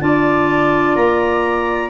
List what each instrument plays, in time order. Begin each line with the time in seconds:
0.00 tuba D4, clarinet F4 A5, flute D5
0.95 tuba A#3, clarinet A#5